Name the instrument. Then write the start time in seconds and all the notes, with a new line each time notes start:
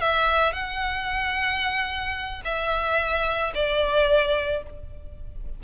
violin
0.00 E5
0.52 F#5
2.44 E5
3.54 D5